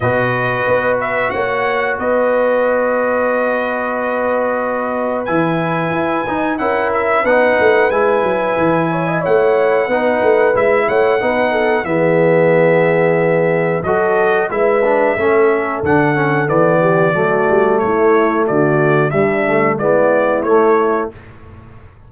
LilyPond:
<<
  \new Staff \with { instrumentName = "trumpet" } { \time 4/4 \tempo 4 = 91 dis''4. e''8 fis''4 dis''4~ | dis''1 | gis''2 fis''8 e''8 fis''4 | gis''2 fis''2 |
e''8 fis''4. e''2~ | e''4 dis''4 e''2 | fis''4 d''2 cis''4 | d''4 e''4 d''4 cis''4 | }
  \new Staff \with { instrumentName = "horn" } { \time 4/4 b'2 cis''4 b'4~ | b'1~ | b'2 ais'4 b'4~ | b'4. cis''16 dis''16 cis''4 b'4~ |
b'8 cis''8 b'8 a'8 gis'2~ | gis'4 a'4 b'4 a'4~ | a'4. g'8 fis'4 e'4 | fis'4 d'4 e'2 | }
  \new Staff \with { instrumentName = "trombone" } { \time 4/4 fis'1~ | fis'1 | e'4. dis'8 e'4 dis'4 | e'2. dis'4 |
e'4 dis'4 b2~ | b4 fis'4 e'8 d'8 cis'4 | d'8 cis'8 b4 a2~ | a4 g8 a8 b4 a4 | }
  \new Staff \with { instrumentName = "tuba" } { \time 4/4 b,4 b4 ais4 b4~ | b1 | e4 e'8 dis'8 cis'4 b8 a8 | gis8 fis8 e4 a4 b8 a8 |
gis8 a8 b4 e2~ | e4 fis4 gis4 a4 | d4 e4 fis8 g8 a4 | d4 g4 gis4 a4 | }
>>